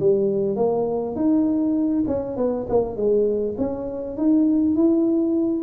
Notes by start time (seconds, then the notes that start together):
0.00 G3
0.57 A#3
1.16 D#4
2.08 C#4
2.37 B3
2.69 A#3
2.97 G#3
3.58 C#4
4.17 D#4
4.76 E4